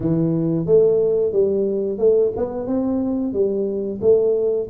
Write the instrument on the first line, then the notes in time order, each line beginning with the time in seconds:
tuba
0.00 E3
0.66 A3
1.32 G3
1.98 A3
2.36 B3
2.67 C4
3.33 G3
4.01 A3